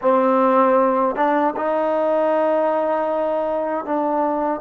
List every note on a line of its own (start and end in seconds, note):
0.01 1.15 C4
1.15 1.54 D4
1.56 3.85 D#4
3.85 4.60 D4